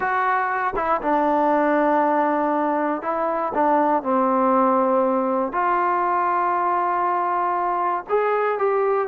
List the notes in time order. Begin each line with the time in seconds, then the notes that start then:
0.00 F#4
0.76 E4
1.01 D4
3.02 E4
3.54 D4
4.02 C4
5.52 F4
8.09 G#4
8.58 G4